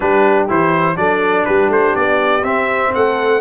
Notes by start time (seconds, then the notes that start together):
0.00 G3 D4 G4 B4
0.48 E3 E4 C5
0.95 F#3 D4 A4 D5
1.45 G3 G4 B4
1.69 A3 C5
1.95 B3 D5
2.42 C4 E5
2.94 A3 A4 F#5